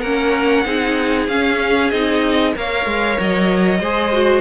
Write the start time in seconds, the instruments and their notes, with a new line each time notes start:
0.00 cello A#3, viola C#4, violin A#4 F#5
0.65 cello C4, viola D#4, violin G#4
1.27 cello C#4, viola C#4, violin F5
1.90 cello C4, viola D#4, violin D#5
2.53 cello A#3, viola A#4, violin C#5 F5
2.85 cello G#3
3.19 cello F#3, violin D#5
3.79 cello G#3, viola G#4, violin C5
4.12 viola F#4